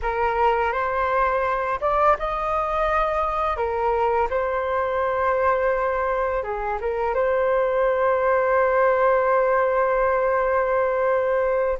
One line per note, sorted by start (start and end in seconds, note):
0.02 0.72 A#4
0.72 1.79 C5
1.81 2.16 D5
2.19 3.56 D#5
3.56 4.28 A#4
4.30 6.43 C5
6.43 6.79 G#4
6.81 7.14 A#4
7.14 11.78 C5